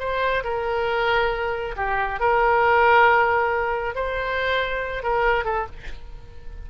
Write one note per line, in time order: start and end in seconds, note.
0.00 0.44 C5
0.44 1.76 A#4
1.77 2.20 G4
2.20 3.95 A#4
3.95 5.04 C5
5.04 5.45 A#4
5.45 5.67 A4